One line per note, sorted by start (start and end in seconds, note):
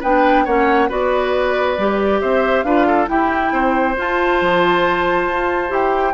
0.00 0.46 B3
0.00 0.47 D4
0.00 0.44 B4
0.00 0.46 G5
0.45 0.90 A#3
0.45 0.89 C#4
0.45 0.89 C#5
0.45 0.90 F#5
0.89 1.77 B3
0.89 1.77 F#4
0.89 2.20 B4
0.89 2.21 D5
1.77 2.21 G3
1.77 2.66 G4
2.21 2.64 C4
2.21 2.65 C5
2.21 2.63 E5
2.63 3.07 D4
2.63 3.07 F4
2.63 2.87 B4
2.63 3.06 F5
2.87 3.08 A4
3.07 3.94 E4
3.07 3.52 E4
3.07 3.52 G4
3.07 3.96 G5
3.52 3.96 C4
3.52 6.14 C5
3.97 5.68 F4
3.97 4.41 F4
3.97 5.74 A5
4.41 5.27 F3
5.27 5.70 F4
5.68 6.14 E4
5.68 6.12 G4
5.68 6.14 G5